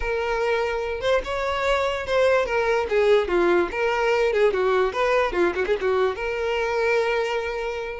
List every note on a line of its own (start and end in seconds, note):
0.00 1.00 A#4
1.00 1.21 C5
1.24 2.06 C#5
2.06 2.45 C5
2.45 2.86 A#4
2.89 3.28 G#4
3.28 3.69 F4
3.71 4.32 A#4
4.32 4.53 G#4
4.53 4.92 F#4
4.92 5.32 B4
5.32 5.53 F4
5.55 5.65 F#4
5.66 5.76 G#4
5.80 6.15 F#4
6.15 8.00 A#4